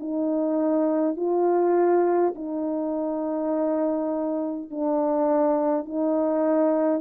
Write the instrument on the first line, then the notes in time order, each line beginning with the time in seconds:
horn
0.00 D#4
1.17 F4
2.35 D#4
4.71 D4
5.86 D#4